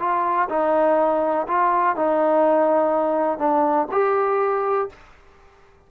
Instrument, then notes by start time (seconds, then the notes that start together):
trombone
0.00 F4
0.50 D#4
1.48 F4
1.96 D#4
3.39 D4
3.92 G4